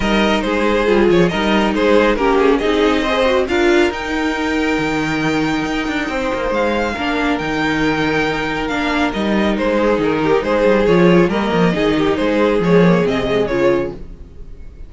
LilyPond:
<<
  \new Staff \with { instrumentName = "violin" } { \time 4/4 \tempo 4 = 138 dis''4 c''4. cis''8 dis''4 | c''4 ais'8 gis'8 dis''2 | f''4 g''2.~ | g''2. f''4~ |
f''4 g''2. | f''4 dis''4 c''4 ais'4 | c''4 cis''4 dis''2 | c''4 cis''4 dis''4 cis''4 | }
  \new Staff \with { instrumentName = "violin" } { \time 4/4 ais'4 gis'2 ais'4 | gis'4 g'4 gis'4 c''4 | ais'1~ | ais'2 c''2 |
ais'1~ | ais'2~ ais'8 gis'4 g'8 | gis'2 ais'4 gis'8 g'8 | gis'1 | }
  \new Staff \with { instrumentName = "viola" } { \time 4/4 dis'2 f'4 dis'4~ | dis'4 cis'4 dis'4 gis'8 fis'8 | f'4 dis'2.~ | dis'1 |
d'4 dis'2. | d'4 dis'2.~ | dis'4 f'4 ais4 dis'4~ | dis'4 gis8 ais8 c'8 gis8 f'4 | }
  \new Staff \with { instrumentName = "cello" } { \time 4/4 g4 gis4 g8 f8 g4 | gis4 ais4 c'2 | d'4 dis'2 dis4~ | dis4 dis'8 d'8 c'8 ais8 gis4 |
ais4 dis2. | ais4 g4 gis4 dis4 | gis8 g8 f4 g8 f8 dis4 | gis4 f4 c4 cis4 | }
>>